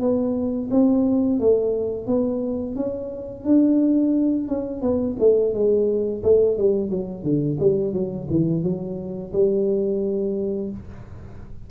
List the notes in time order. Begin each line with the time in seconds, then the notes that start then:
0.00 B3
0.71 C4
1.39 A3
2.07 B3
2.76 C#4
3.45 D4
4.48 C#4
4.82 B3
5.19 A3
5.54 G#3
6.23 A3
6.57 G3
6.90 F#3
7.23 D3
7.60 G3
7.93 F#3
8.30 E3
8.63 F#3
9.33 G3